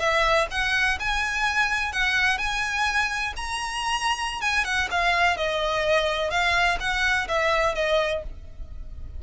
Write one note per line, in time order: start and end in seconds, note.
0.00 0.48 E5
0.51 0.99 F#5
1.00 1.93 G#5
1.93 2.38 F#5
2.38 3.34 G#5
3.37 4.42 A#5
4.42 4.65 G#5
4.65 4.89 F#5
4.91 5.37 F5
5.37 6.31 D#5
6.31 6.78 F5
6.81 7.28 F#5
7.28 7.75 E5
7.75 8.23 D#5